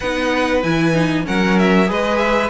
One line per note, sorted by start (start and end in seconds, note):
0.00 0.63 B3
0.00 0.63 D#4
0.00 1.24 B4
0.00 0.62 F#5
0.62 1.26 E3
0.62 0.93 E4
0.62 1.25 G#5
0.93 1.24 D#4
1.24 1.90 F#3
1.24 1.86 C#4
1.24 1.88 A#4
1.24 1.58 F#5
1.58 1.90 E5
1.86 2.49 G#3
1.86 2.49 G#4
1.86 2.49 B4
1.86 2.17 D#5
2.17 2.49 E5